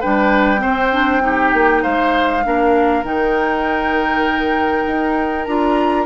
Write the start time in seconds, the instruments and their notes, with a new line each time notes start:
0.00 bassoon G3, clarinet D4, oboe B4, flute G5
0.57 clarinet C4, oboe C5
0.64 bassoon C4
0.92 clarinet D4
1.21 clarinet D#4, oboe G4
1.53 bassoon A#3
1.83 bassoon G#3, oboe C5, flute F5
2.43 bassoon A#3, clarinet D4, oboe A#4
3.03 bassoon D#3, clarinet D#4, flute G5
4.87 bassoon D#4
5.45 bassoon D4, clarinet F4, flute A#5